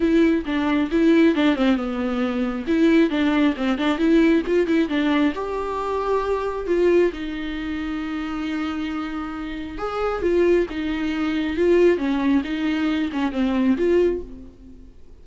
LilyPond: \new Staff \with { instrumentName = "viola" } { \time 4/4 \tempo 4 = 135 e'4 d'4 e'4 d'8 c'8 | b2 e'4 d'4 | c'8 d'8 e'4 f'8 e'8 d'4 | g'2. f'4 |
dis'1~ | dis'2 gis'4 f'4 | dis'2 f'4 cis'4 | dis'4. cis'8 c'4 f'4 | }